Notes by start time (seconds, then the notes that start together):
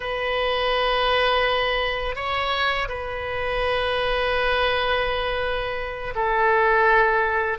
0.00 B4
2.15 C#5
2.88 B4
6.15 A4